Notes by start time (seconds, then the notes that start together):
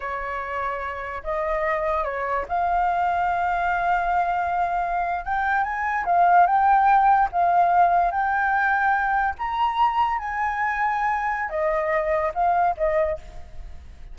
0.00 C#5
1.23 D#5
2.04 C#5
2.48 F5
5.24 G5
5.63 G#5
6.05 F5
6.46 G5
7.32 F5
8.11 G5
9.38 A#5
10.18 G#5
11.49 D#5
12.34 F5
12.77 D#5